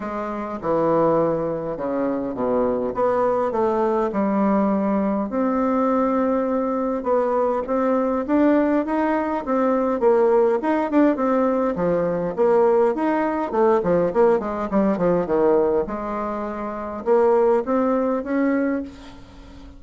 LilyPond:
\new Staff \with { instrumentName = "bassoon" } { \time 4/4 \tempo 4 = 102 gis4 e2 cis4 | b,4 b4 a4 g4~ | g4 c'2. | b4 c'4 d'4 dis'4 |
c'4 ais4 dis'8 d'8 c'4 | f4 ais4 dis'4 a8 f8 | ais8 gis8 g8 f8 dis4 gis4~ | gis4 ais4 c'4 cis'4 | }